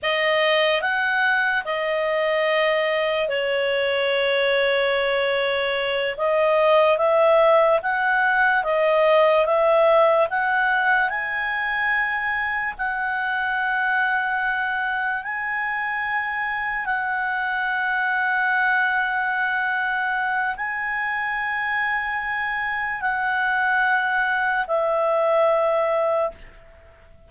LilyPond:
\new Staff \with { instrumentName = "clarinet" } { \time 4/4 \tempo 4 = 73 dis''4 fis''4 dis''2 | cis''2.~ cis''8 dis''8~ | dis''8 e''4 fis''4 dis''4 e''8~ | e''8 fis''4 gis''2 fis''8~ |
fis''2~ fis''8 gis''4.~ | gis''8 fis''2.~ fis''8~ | fis''4 gis''2. | fis''2 e''2 | }